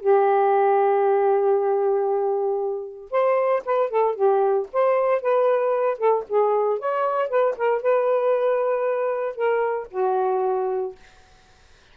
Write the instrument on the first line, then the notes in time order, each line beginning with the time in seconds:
saxophone
0.00 G4
3.11 C5
3.65 B4
3.90 A4
4.15 G4
4.72 C5
5.22 B4
5.98 A4
6.28 G#4
6.79 C#5
7.29 B4
7.57 A#4
7.82 B4
9.35 A#4
9.91 F#4